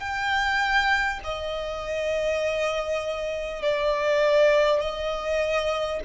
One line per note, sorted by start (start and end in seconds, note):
0.00 1.20 G5
1.24 3.62 D#5
3.62 4.80 D5
4.80 6.00 D#5